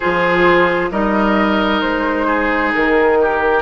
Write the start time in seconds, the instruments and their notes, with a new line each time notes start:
0.00 bassoon F3, clarinet F4, oboe G#4, flute C5
0.91 bassoon G3, clarinet D#4, oboe A#4, flute D#5
1.81 bassoon G#3, flute C5
2.26 oboe G#4
2.74 bassoon D#3, flute A#4
3.21 oboe G4